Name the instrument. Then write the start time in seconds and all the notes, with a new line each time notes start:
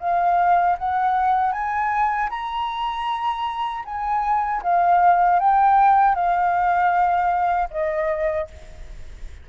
flute
0.00 F5
0.78 F#5
1.52 G#5
2.30 A#5
3.85 G#5
4.62 F5
5.40 G5
6.15 F5
7.70 D#5